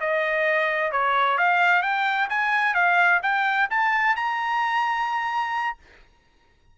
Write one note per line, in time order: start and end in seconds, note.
0.00 0.92 D#5
0.92 1.38 C#5
1.38 1.82 F5
1.82 2.28 G5
2.29 2.74 G#5
2.74 3.20 F5
3.23 3.69 G5
3.70 4.16 A5
4.16 5.77 A#5